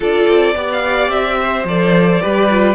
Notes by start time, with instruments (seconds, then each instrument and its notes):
0.00 cello D4, viola F4, violin A4 D5
0.27 cello C4
0.55 cello B3, viola G4, violin D5
0.72 violin F5
1.09 cello C4, violin E5
1.41 violin C5
1.64 cello F3, viola A4, violin D5
2.21 cello G3, viola G4, violin B4
2.50 viola F4